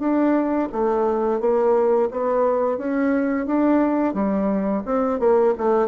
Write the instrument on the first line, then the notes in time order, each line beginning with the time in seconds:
bassoon
0.00 D4
0.73 A3
1.40 A#3
2.12 B3
2.78 C#4
3.47 D4
4.14 G3
4.86 C4
5.20 A#3
5.58 A3